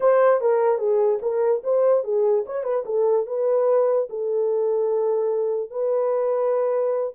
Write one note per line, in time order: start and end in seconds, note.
0.00 0.41 C5
0.41 0.78 A#4
0.78 1.19 G#4
1.22 1.62 A#4
1.63 2.03 C5
2.03 2.44 G#4
2.45 2.63 C#5
2.63 2.83 B4
2.85 3.26 A4
3.26 4.08 B4
4.09 5.70 A4
5.70 7.13 B4